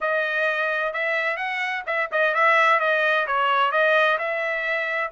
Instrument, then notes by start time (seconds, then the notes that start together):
trumpet
0.00 D#5
0.93 E5
1.36 F#5
1.86 E5
2.11 D#5
2.34 E5
2.79 D#5
3.26 C#5
3.71 D#5
4.18 E5